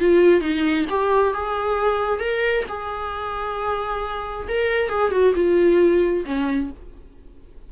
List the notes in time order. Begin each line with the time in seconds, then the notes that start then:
0.00 F4
0.41 D#4
0.90 G4
1.34 G#4
2.20 A#4
2.69 G#4
4.49 A#4
4.89 G#4
5.12 F#4
5.35 F4
6.26 C#4